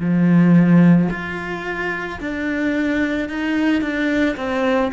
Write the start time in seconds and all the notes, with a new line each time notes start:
0.00 F3
1.11 F4
2.20 D4
3.29 D#4
3.81 D4
4.37 C4